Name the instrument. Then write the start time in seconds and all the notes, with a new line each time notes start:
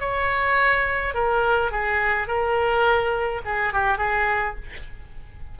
oboe
0.00 C#5
1.14 A#4
1.72 G#4
2.28 A#4
3.45 G#4
3.73 G4
3.98 G#4